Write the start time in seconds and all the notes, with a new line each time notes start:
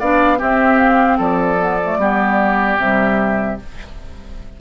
0.00 B3 D4 D5 F5
0.38 C4 G4 E5
0.78 F5
1.18 F3 A4 D5
1.59 B3
1.84 A3
1.98 G3 B3 G4
2.78 C3 G3 E5